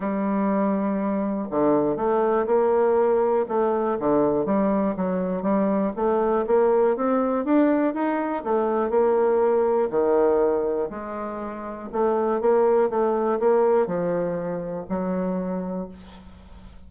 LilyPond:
\new Staff \with { instrumentName = "bassoon" } { \time 4/4 \tempo 4 = 121 g2. d4 | a4 ais2 a4 | d4 g4 fis4 g4 | a4 ais4 c'4 d'4 |
dis'4 a4 ais2 | dis2 gis2 | a4 ais4 a4 ais4 | f2 fis2 | }